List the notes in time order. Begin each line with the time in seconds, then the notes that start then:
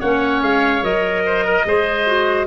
0.00 A#3 C#4 C#5 F#5
0.42 G#3 F5
0.83 F#3 A#4 D#5
1.26 C5
1.45 A#4
1.65 G#3 G#4 C5
2.07 F#4